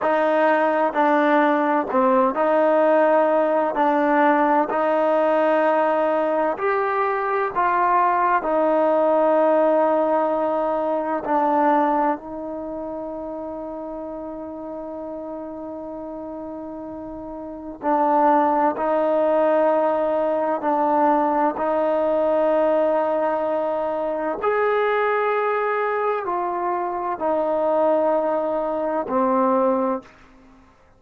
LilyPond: \new Staff \with { instrumentName = "trombone" } { \time 4/4 \tempo 4 = 64 dis'4 d'4 c'8 dis'4. | d'4 dis'2 g'4 | f'4 dis'2. | d'4 dis'2.~ |
dis'2. d'4 | dis'2 d'4 dis'4~ | dis'2 gis'2 | f'4 dis'2 c'4 | }